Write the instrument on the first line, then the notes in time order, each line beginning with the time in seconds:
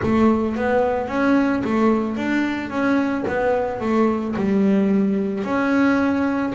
double bass
0.02 A3
0.56 B3
1.08 C#4
1.64 A3
2.16 D4
2.70 C#4
3.27 B3
3.80 A3
4.35 G3
5.43 C#4